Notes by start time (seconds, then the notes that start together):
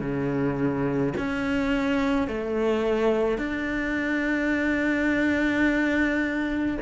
0.00 C#3
1.17 C#4
2.27 A3
3.38 D4